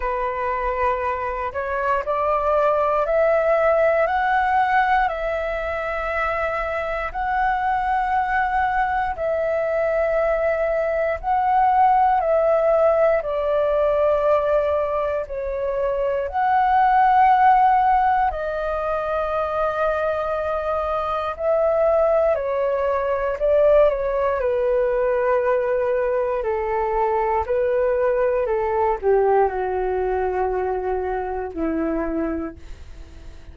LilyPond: \new Staff \with { instrumentName = "flute" } { \time 4/4 \tempo 4 = 59 b'4. cis''8 d''4 e''4 | fis''4 e''2 fis''4~ | fis''4 e''2 fis''4 | e''4 d''2 cis''4 |
fis''2 dis''2~ | dis''4 e''4 cis''4 d''8 cis''8 | b'2 a'4 b'4 | a'8 g'8 fis'2 e'4 | }